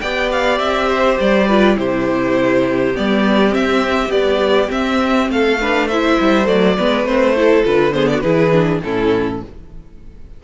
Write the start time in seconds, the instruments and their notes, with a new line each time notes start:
0.00 cello B3, viola G4, violin D5 G5
0.32 violin F5
0.58 cello C4, violin E5
0.88 violin C5
1.20 cello G3, violin D5
1.47 viola F4, violin B4
1.76 cello C3, viola E4, violin G4 C5
2.95 cello G3, viola B3, violin D5
3.49 viola C4, cello C4, violin E5
4.09 viola G3, cello B3, violin D5
4.68 viola C4, cello C4, violin E5
5.29 cello A3, violin A4 F5
5.61 viola D4, violin B4
5.88 viola E4, violin C5 E5
6.20 cello G3
6.45 cello F#3, viola A3, violin D5
6.77 cello G#3, viola B3, violin B4
7.04 cello A3, viola C4, violin C5
7.35 viola E4, violin A4
7.64 cello D3, viola F4, violin B4
7.94 viola B3, violin G#4 C5
8.08 violin D5
8.14 violin F#4
8.20 cello E3, viola E4, violin G#4 B4
8.52 viola D4
8.83 cello A2, viola C#4, violin E4 A4